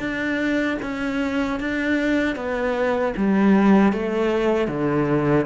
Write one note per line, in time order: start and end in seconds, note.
0.00 0.78 D4
0.83 1.60 C#4
1.60 2.37 D4
2.37 3.15 B3
3.17 3.93 G3
3.93 4.68 A3
4.68 5.46 D3